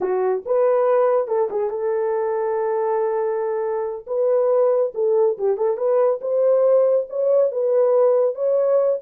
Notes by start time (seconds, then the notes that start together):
0.00 F#4
0.45 B4
1.27 A4
1.50 G#4
1.70 A4
4.07 B4
4.94 A4
5.37 G4
5.57 A4
5.77 B4
6.21 C5
7.09 C#5
7.51 B4
8.35 C#5